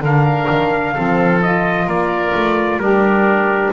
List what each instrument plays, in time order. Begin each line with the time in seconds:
0.00 double bass D3, saxophone D4, oboe A#4, trumpet F5
0.50 double bass D#3
0.94 double bass F3, saxophone C4, oboe A4
1.42 saxophone F4, trumpet D#5
1.86 double bass A#3, oboe A#4, trumpet D5
2.35 double bass A3
2.77 double bass G3, oboe D4, saxophone G4, trumpet A#4